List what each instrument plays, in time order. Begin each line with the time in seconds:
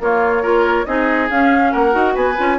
0.00 bassoon A#3, clarinet A#3, oboe F4, flute C#5
0.43 clarinet F4, oboe A#4
0.86 bassoon C4, clarinet D#4, oboe G#4, flute D#5
1.31 bassoon C#4, clarinet C#4, flute F5
1.73 bassoon A#3, oboe A#4, flute F#5
1.92 bassoon D#4, clarinet F#4
2.15 bassoon B3, oboe B4, flute G#5
2.38 bassoon C#4, clarinet F4